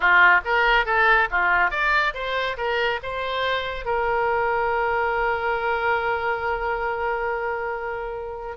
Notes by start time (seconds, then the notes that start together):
0.00 F4
0.44 A#4
0.85 A4
1.31 F4
1.70 D5
2.14 C5
2.57 A#4
3.02 C5
3.85 A#4